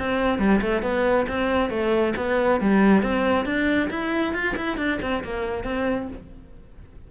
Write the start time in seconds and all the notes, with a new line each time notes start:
0.00 C4
0.39 G3
0.62 A3
0.83 B3
1.29 C4
1.70 A3
2.17 B3
2.61 G3
3.03 C4
3.46 D4
3.91 E4
4.34 F4
4.57 E4
4.78 D4
5.02 C4
5.24 A#3
5.64 C4